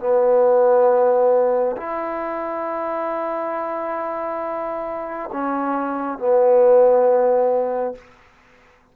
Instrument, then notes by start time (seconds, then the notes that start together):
trombone
0.00 B3
1.77 E4
5.33 C#4
6.18 B3